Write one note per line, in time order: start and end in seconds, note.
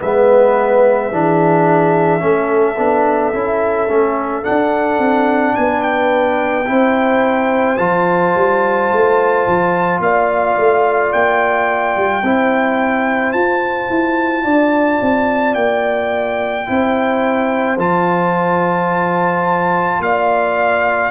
0.00 1.12 G#3
0.00 1.13 B3
0.00 1.11 B4
0.00 4.45 E5
1.12 2.22 E3
1.12 2.20 D4
1.12 2.23 G#4
2.20 2.78 A3
2.20 2.76 C#4
2.20 5.57 A4
2.78 3.34 B3
2.78 3.34 D4
3.34 3.90 C#4
3.34 3.89 E4
3.89 4.46 A3
3.89 4.43 C#4
4.43 6.66 D4
4.43 4.99 D4
4.43 5.56 F#5
4.99 5.54 C4
5.56 6.69 B3
5.56 6.69 B4
5.56 5.83 G#5
5.83 7.78 G5
6.67 7.79 C4
6.67 7.78 E4
6.67 10.03 C5
7.78 8.35 F3
7.78 12.24 F4
7.78 10.00 A5
8.35 8.91 G3
8.92 9.47 A3
9.48 10.00 F3
10.00 10.56 A#3
10.00 12.25 D5
10.00 11.13 F5
10.58 11.13 A3
11.13 11.97 A#3
11.13 13.33 G5
11.97 12.23 G3
12.23 13.34 C4
12.23 13.37 E4
12.23 14.45 C5
13.33 13.90 F4
13.33 16.67 F4
13.33 15.55 A5
13.90 14.45 E4
14.45 15.01 D4
14.45 16.67 D5
15.02 15.56 C4
15.55 16.67 A#3
15.55 17.77 G5
16.67 17.78 C4
16.67 17.78 E4
16.67 20.03 C5
17.78 20.00 F3
17.78 21.12 F4
17.78 20.03 A5
20.00 21.11 A#3
20.00 21.12 D5
20.00 21.12 F5